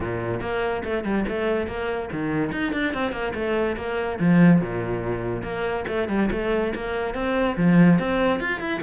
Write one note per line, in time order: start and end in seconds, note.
0.00 0.40 A#2
0.40 0.82 A#3
0.84 1.04 A3
1.04 1.25 G3
1.28 1.67 A3
1.67 2.09 A#3
2.12 2.51 D#3
2.51 2.72 D#4
2.72 2.93 D4
2.93 3.11 C4
3.11 3.32 A#3
3.34 3.76 A3
3.76 4.18 A#3
4.19 4.61 F3
4.61 5.42 A#2
5.42 5.84 A#3
5.88 6.08 A3
6.08 6.29 G3
6.31 6.73 A3
6.74 7.14 A#3
7.14 7.56 C4
7.57 7.99 F3
7.99 8.40 C4
8.40 8.59 F4
8.59 8.80 E4